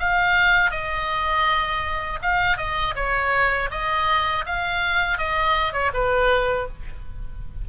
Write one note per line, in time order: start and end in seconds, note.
0.00 0.71 F5
0.71 2.19 D#5
2.23 2.58 F5
2.58 2.95 D#5
2.96 3.70 C#5
3.71 4.45 D#5
4.46 5.18 F5
5.18 5.73 D#5
5.73 5.92 C#5
5.94 6.68 B4